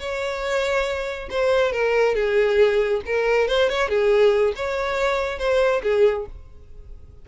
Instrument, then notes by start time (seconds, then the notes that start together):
violin
0.00 C#5
1.31 C5
1.73 A#4
2.16 G#4
3.06 A#4
3.48 C5
3.70 C#5
3.89 G#4
4.56 C#5
5.39 C5
5.83 G#4